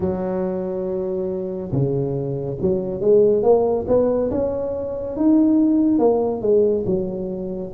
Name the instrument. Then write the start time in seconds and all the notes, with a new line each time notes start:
tuba
0.00 F#3
1.71 C#3
2.61 F#3
3.00 G#3
3.42 A#3
3.87 B3
4.31 C#4
5.16 D#4
5.98 A#3
6.41 G#3
6.86 F#3